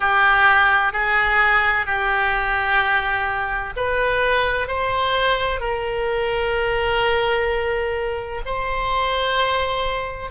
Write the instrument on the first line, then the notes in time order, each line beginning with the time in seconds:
oboe
0.00 G4
0.92 G#4
1.85 G4
3.76 B4
4.67 C5
5.60 A#4
8.45 C5